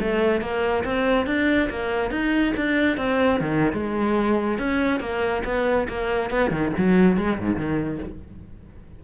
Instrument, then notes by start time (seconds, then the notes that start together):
cello
0.00 A3
0.41 A#3
0.85 C4
1.26 D4
1.70 A#3
2.11 D#4
2.56 D4
2.97 C4
3.41 D#3
3.73 G#3
4.58 C#4
5.00 A#3
5.45 B3
5.88 A#3
6.31 B3
6.51 D#3
6.78 F#3
7.17 G#3
7.39 G#2
7.56 D#3